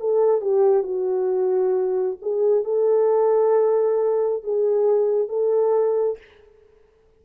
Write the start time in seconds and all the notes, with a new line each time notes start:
0.00 A4
0.41 G4
0.83 F#4
2.22 G#4
2.65 A4
4.43 G#4
5.29 A4